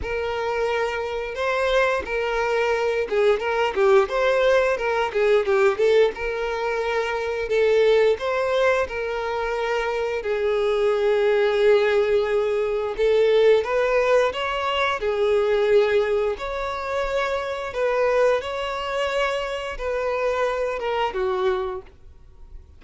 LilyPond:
\new Staff \with { instrumentName = "violin" } { \time 4/4 \tempo 4 = 88 ais'2 c''4 ais'4~ | ais'8 gis'8 ais'8 g'8 c''4 ais'8 gis'8 | g'8 a'8 ais'2 a'4 | c''4 ais'2 gis'4~ |
gis'2. a'4 | b'4 cis''4 gis'2 | cis''2 b'4 cis''4~ | cis''4 b'4. ais'8 fis'4 | }